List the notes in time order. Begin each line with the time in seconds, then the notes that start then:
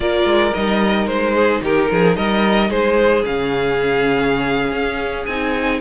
0.00 A#3 F4 A#4 D5
0.25 G#3
0.53 G3 D#4 D#5
1.07 G#3 C5
1.34 G#4
1.61 D#3 G4 A#4
1.91 F3 G#4
2.16 G3 A#4 D#5
2.69 G#3 G#4 C5
3.25 C#3 C#4 F5
4.71 C#4
5.25 C4 D#4 G#5